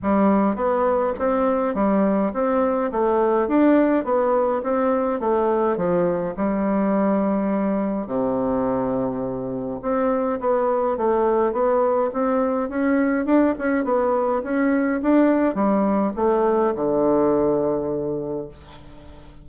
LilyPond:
\new Staff \with { instrumentName = "bassoon" } { \time 4/4 \tempo 4 = 104 g4 b4 c'4 g4 | c'4 a4 d'4 b4 | c'4 a4 f4 g4~ | g2 c2~ |
c4 c'4 b4 a4 | b4 c'4 cis'4 d'8 cis'8 | b4 cis'4 d'4 g4 | a4 d2. | }